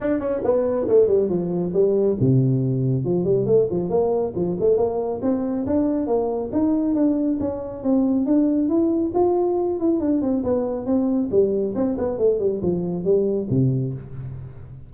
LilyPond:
\new Staff \with { instrumentName = "tuba" } { \time 4/4 \tempo 4 = 138 d'8 cis'8 b4 a8 g8 f4 | g4 c2 f8 g8 | a8 f8 ais4 f8 a8 ais4 | c'4 d'4 ais4 dis'4 |
d'4 cis'4 c'4 d'4 | e'4 f'4. e'8 d'8 c'8 | b4 c'4 g4 c'8 b8 | a8 g8 f4 g4 c4 | }